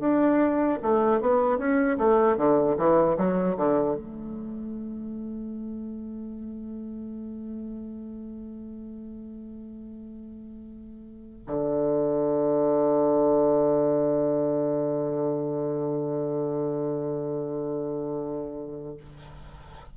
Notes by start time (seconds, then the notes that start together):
0.00 D4
0.82 A3
1.21 B3
1.58 C#4
1.98 A3
2.37 D3
2.77 E3
3.17 F#3
3.57 D3
3.95 A3
11.47 D3